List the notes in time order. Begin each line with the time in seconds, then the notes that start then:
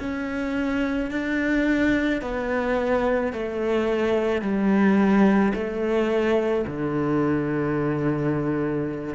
0.00 C#4
1.11 D4
2.22 B3
3.33 A3
4.42 G3
5.55 A3
6.67 D3